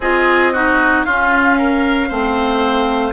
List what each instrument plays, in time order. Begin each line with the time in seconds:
0.00 bassoon C4, clarinet F4, oboe G#4, flute D#5
0.52 clarinet D#4, oboe F#4
1.04 bassoon C#4, clarinet C#4, oboe F4, flute F5
1.57 oboe A#4
2.08 bassoon A3, clarinet C4, oboe C5